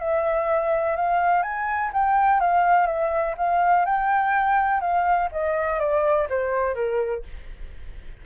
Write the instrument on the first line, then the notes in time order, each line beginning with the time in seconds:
flute
0.00 E5
0.97 F5
1.43 G#5
1.93 G5
2.40 F5
2.87 E5
3.38 F5
3.86 G5
4.81 F5
5.32 D#5
5.80 D5
6.30 C5
6.75 A#4